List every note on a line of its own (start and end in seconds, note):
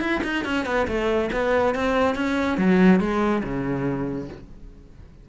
0.00 0.21 E4
0.24 0.45 D#4
0.45 0.66 C#4
0.66 0.87 B3
0.88 1.30 A3
1.33 1.75 B3
1.75 2.15 C4
2.15 2.58 C#4
2.58 3.00 F#3
3.00 3.43 G#3
3.44 4.29 C#3